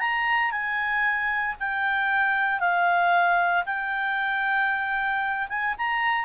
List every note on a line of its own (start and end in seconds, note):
0.00 0.51 A#5
0.51 1.56 G#5
1.60 2.60 G5
2.60 3.64 F5
3.66 5.48 G5
5.49 5.75 G#5
5.78 6.25 A#5